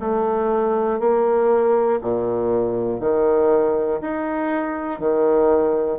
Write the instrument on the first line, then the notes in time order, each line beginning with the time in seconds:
bassoon
0.00 A3
1.00 A#3
2.01 A#2
3.00 D#3
4.01 D#4
5.00 D#3